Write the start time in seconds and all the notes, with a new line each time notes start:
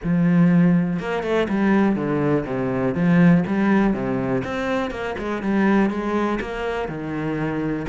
0.03 F3
0.99 A#3
1.23 A3
1.48 G3
1.95 D3
2.45 C3
2.95 F3
3.46 G3
3.93 C3
4.44 C4
4.90 A#3
5.18 G#3
5.42 G3
5.90 G#3
6.41 A#3
6.88 D#3